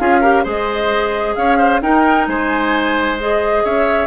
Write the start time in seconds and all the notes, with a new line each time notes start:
0.00 C#4 F4 G#4 F5
0.21 G4 A#4
0.44 G#3 G#4 C5 D#5
1.36 C#4 C#5 F5
1.58 C5
1.82 D#4 A#4 G5
2.28 G#3 C5 G#5
3.19 G#4 D#5
3.64 C#4 C#5 E5